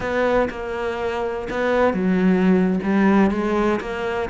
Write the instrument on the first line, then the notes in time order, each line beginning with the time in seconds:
cello
0.00 B3
0.50 A#3
1.50 B3
1.93 F#3
2.83 G3
3.31 G#3
3.80 A#3